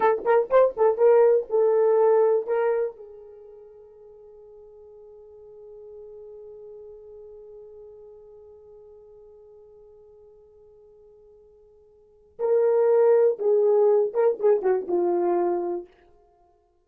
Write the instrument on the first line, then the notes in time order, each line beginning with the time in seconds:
horn
0.00 A4
0.24 A#4
0.50 C5
0.76 A4
0.97 A#4
1.49 A4
2.47 A#4
2.96 G#4
12.39 A#4
13.38 G#4
14.13 A#4
14.39 G#4
14.62 F#4
14.88 F4